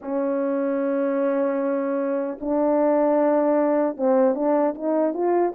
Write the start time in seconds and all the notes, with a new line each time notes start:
0.01 C#4
2.40 D4
3.96 C4
4.34 D4
4.74 D#4
5.13 F4